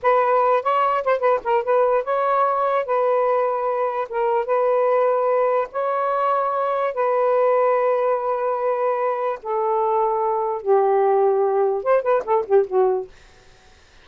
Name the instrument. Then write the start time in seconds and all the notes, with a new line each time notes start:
saxophone
0.02 B4
0.63 C#5
1.04 C5
1.19 B4
1.43 A#4
1.63 B4
2.04 C#5
2.85 B4
4.09 A#4
4.45 B4
5.72 C#5
6.94 B4
9.42 A4
10.62 G4
11.83 C5
12.02 B4
12.24 A4
12.46 G4
12.66 F#4